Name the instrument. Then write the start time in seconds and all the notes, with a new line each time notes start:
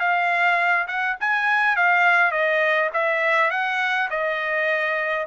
trumpet
0.00 F5
0.87 F#5
1.20 G#5
1.76 F5
2.32 D#5
2.94 E5
3.51 F#5
4.10 D#5